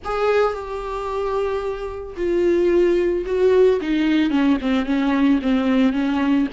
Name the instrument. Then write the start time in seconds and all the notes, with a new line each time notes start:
viola
0.04 G#4
0.53 G4
2.16 F4
3.26 F#4
3.81 D#4
4.30 C#4
4.61 C4
4.85 C#4
5.42 C4
5.93 C#4